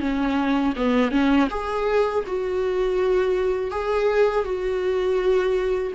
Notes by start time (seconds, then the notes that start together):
0.00 C#4
0.76 B3
1.11 C#4
1.50 G#4
2.27 F#4
3.71 G#4
4.44 F#4